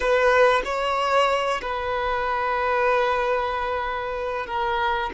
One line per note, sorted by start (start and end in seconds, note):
0.00 0.62 B4
0.64 1.60 C#5
1.61 4.46 B4
4.46 5.10 A#4